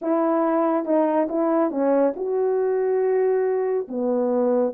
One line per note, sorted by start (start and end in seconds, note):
0.01 0.85 E4
0.85 1.28 D#4
1.29 1.70 E4
1.70 2.13 C#4
2.16 3.87 F#4
3.88 4.73 B3